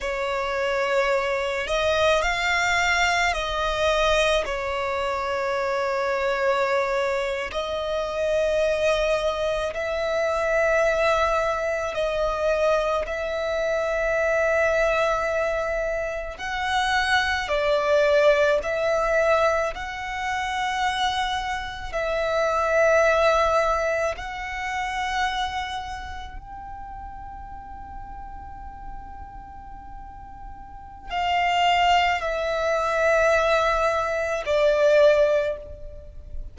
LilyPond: \new Staff \with { instrumentName = "violin" } { \time 4/4 \tempo 4 = 54 cis''4. dis''8 f''4 dis''4 | cis''2~ cis''8. dis''4~ dis''16~ | dis''8. e''2 dis''4 e''16~ | e''2~ e''8. fis''4 d''16~ |
d''8. e''4 fis''2 e''16~ | e''4.~ e''16 fis''2 g''16~ | g''1 | f''4 e''2 d''4 | }